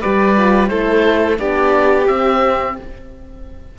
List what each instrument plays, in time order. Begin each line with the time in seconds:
0.00 cello G3, horn G4, violin B4, oboe D5
0.37 horn F4
0.67 cello A3, horn E4, violin A4, oboe C5
1.37 cello B3, horn D4, violin G4, oboe D5
2.06 horn C4, cello C4, oboe E5